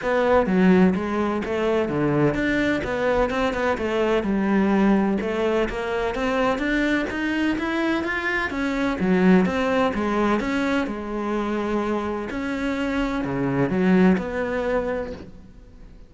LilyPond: \new Staff \with { instrumentName = "cello" } { \time 4/4 \tempo 4 = 127 b4 fis4 gis4 a4 | d4 d'4 b4 c'8 b8 | a4 g2 a4 | ais4 c'4 d'4 dis'4 |
e'4 f'4 cis'4 fis4 | c'4 gis4 cis'4 gis4~ | gis2 cis'2 | cis4 fis4 b2 | }